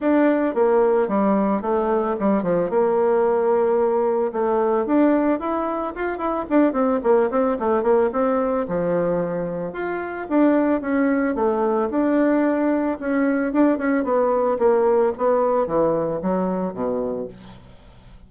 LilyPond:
\new Staff \with { instrumentName = "bassoon" } { \time 4/4 \tempo 4 = 111 d'4 ais4 g4 a4 | g8 f8 ais2. | a4 d'4 e'4 f'8 e'8 | d'8 c'8 ais8 c'8 a8 ais8 c'4 |
f2 f'4 d'4 | cis'4 a4 d'2 | cis'4 d'8 cis'8 b4 ais4 | b4 e4 fis4 b,4 | }